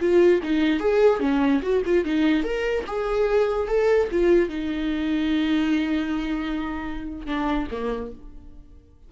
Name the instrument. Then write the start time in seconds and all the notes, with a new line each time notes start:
viola
0.00 F4
0.43 D#4
0.80 G#4
1.20 C#4
1.62 F#4
1.85 F4
2.05 D#4
2.43 A#4
2.87 G#4
3.68 A4
4.11 F4
4.49 D#4
7.26 D4
7.71 A#3